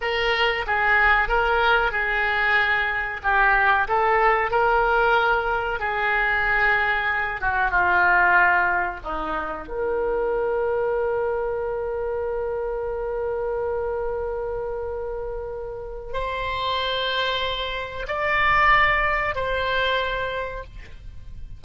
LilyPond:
\new Staff \with { instrumentName = "oboe" } { \time 4/4 \tempo 4 = 93 ais'4 gis'4 ais'4 gis'4~ | gis'4 g'4 a'4 ais'4~ | ais'4 gis'2~ gis'8 fis'8 | f'2 dis'4 ais'4~ |
ais'1~ | ais'1~ | ais'4 c''2. | d''2 c''2 | }